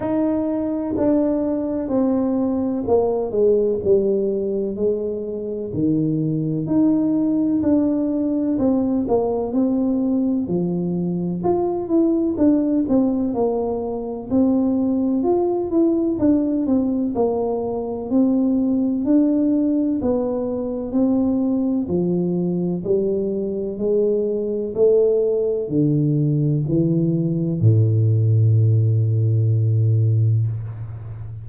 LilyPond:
\new Staff \with { instrumentName = "tuba" } { \time 4/4 \tempo 4 = 63 dis'4 d'4 c'4 ais8 gis8 | g4 gis4 dis4 dis'4 | d'4 c'8 ais8 c'4 f4 | f'8 e'8 d'8 c'8 ais4 c'4 |
f'8 e'8 d'8 c'8 ais4 c'4 | d'4 b4 c'4 f4 | g4 gis4 a4 d4 | e4 a,2. | }